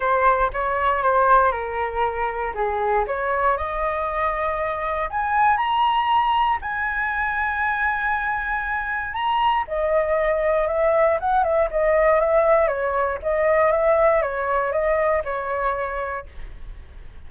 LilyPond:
\new Staff \with { instrumentName = "flute" } { \time 4/4 \tempo 4 = 118 c''4 cis''4 c''4 ais'4~ | ais'4 gis'4 cis''4 dis''4~ | dis''2 gis''4 ais''4~ | ais''4 gis''2.~ |
gis''2 ais''4 dis''4~ | dis''4 e''4 fis''8 e''8 dis''4 | e''4 cis''4 dis''4 e''4 | cis''4 dis''4 cis''2 | }